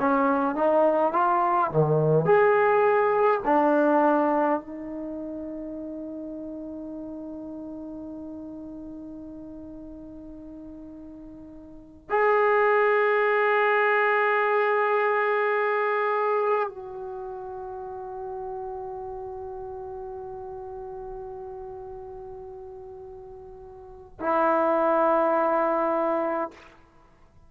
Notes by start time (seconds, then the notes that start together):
0.00 C#4
0.56 D#4
1.13 F4
1.72 D#3
2.26 G#4
3.46 D4
4.61 D#4
12.10 G#4
16.69 F#4
24.20 E4